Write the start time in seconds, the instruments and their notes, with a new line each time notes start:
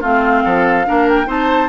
0.00 bassoon A3, clarinet C4, oboe F4, flute F5
0.44 bassoon F3, oboe A4
0.85 bassoon A#3, clarinet D4, oboe A#4
1.08 flute G5
1.25 bassoon C4, clarinet D#4, oboe C5, flute A5